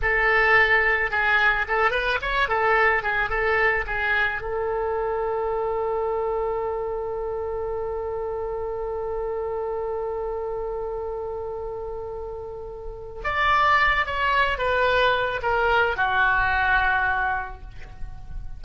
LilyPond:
\new Staff \with { instrumentName = "oboe" } { \time 4/4 \tempo 4 = 109 a'2 gis'4 a'8 b'8 | cis''8 a'4 gis'8 a'4 gis'4 | a'1~ | a'1~ |
a'1~ | a'1 | d''4. cis''4 b'4. | ais'4 fis'2. | }